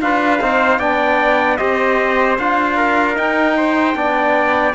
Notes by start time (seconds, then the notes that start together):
0.00 D4 F4 B4 F5
0.40 C4 D#4 C5
0.79 B3 D4 D5 G5
1.57 C4 G4 C5 D#5
2.38 D4 F4 F5
2.76 A#4
3.14 D#4 G5
3.57 C5
3.94 B3 D4 D5